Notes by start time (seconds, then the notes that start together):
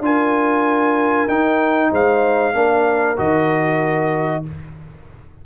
0.00 D4 F4 A#4 G#5
1.28 D#4 G5
1.91 G#3 C5 F5
2.54 A#3 D4 A#4
3.16 D#3 F#4 D#5